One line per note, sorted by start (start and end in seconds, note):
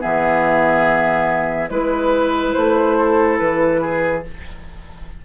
0.00 1.71 E3
0.00 1.69 B3
0.00 1.70 G#4
0.00 1.70 E5
1.70 2.55 G#3
1.70 4.24 E4
1.70 2.53 B4
1.70 2.98 B4
2.53 3.41 A3
2.53 3.38 C5
2.98 3.82 A4
3.39 4.25 E3
3.39 4.23 B4
3.82 4.24 G#4